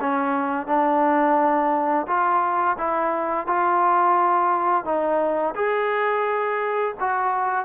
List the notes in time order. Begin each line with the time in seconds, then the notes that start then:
0.00 C#4
0.67 D4
2.07 F4
2.78 E4
3.47 F4
4.85 D#4
5.55 G#4
7.00 F#4